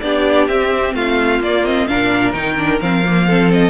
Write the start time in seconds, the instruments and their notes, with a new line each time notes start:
0.00 cello B3, viola D4, violin G4 D5
0.47 cello C4, viola C4, violin E5
0.94 cello A3, violin F4 F5
1.40 cello A#3, viola A#3, violin D5
1.65 viola C4, violin D#5
1.87 cello A#2, viola D4, violin A#4 F5
2.32 cello D#3, viola D#4, violin G5
2.57 viola D4
2.80 cello F3, viola C4, violin F5
3.05 viola A#3
3.27 viola C4, violin A4
3.53 violin D#5